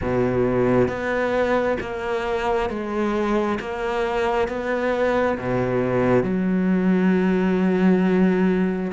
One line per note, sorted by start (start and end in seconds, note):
0.01 0.88 B2
0.88 1.77 B3
1.80 2.69 A#3
2.69 3.59 G#3
3.59 4.48 A#3
4.48 5.37 B3
5.38 6.23 B2
6.23 8.91 F#3